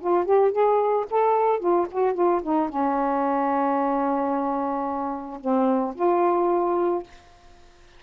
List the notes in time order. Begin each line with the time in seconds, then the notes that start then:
0.00 F4
0.25 G4
0.51 G#4
1.10 A4
1.59 F4
1.91 F#4
2.14 F4
2.43 D#4
2.69 C#4
5.40 C4
5.95 F4